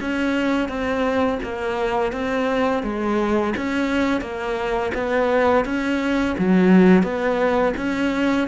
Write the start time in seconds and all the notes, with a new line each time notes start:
0.00 C#4
0.68 C4
1.43 A#3
2.12 C4
2.83 G#3
3.57 C#4
4.21 A#3
4.94 B3
5.65 C#4
6.38 F#3
7.03 B3
7.77 C#4